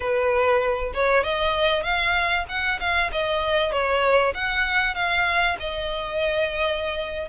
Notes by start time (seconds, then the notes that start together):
0.00 B4
0.94 C#5
1.23 D#5
1.83 F5
2.48 F#5
2.79 F5
3.12 D#5
3.71 C#5
4.34 F#5
4.95 F5
5.59 D#5